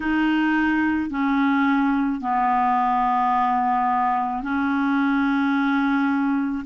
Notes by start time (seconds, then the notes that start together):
0.00 D#4
1.10 C#4
2.20 B3
4.42 C#4